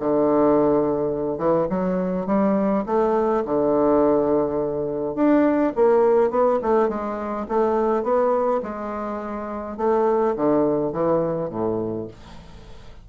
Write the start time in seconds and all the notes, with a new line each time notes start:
0.00 D3
1.38 E3
1.70 F#3
2.27 G3
2.86 A3
3.45 D3
5.15 D4
5.76 A#3
6.30 B3
6.62 A3
6.89 G#3
7.48 A3
8.03 B3
8.63 G#3
9.77 A3
10.36 D3
10.93 E3
11.50 A2